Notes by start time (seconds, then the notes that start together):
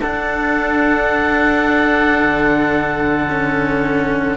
0.00 D4 A4 F#5
2.22 D3
3.29 C#4